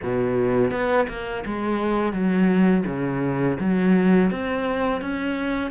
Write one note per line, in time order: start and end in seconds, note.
0.02 0.71 B2
0.71 1.07 B3
1.08 1.44 A#3
1.45 2.12 G#3
2.12 2.84 F#3
2.86 3.57 C#3
3.59 4.30 F#3
4.30 5.01 C4
5.01 5.70 C#4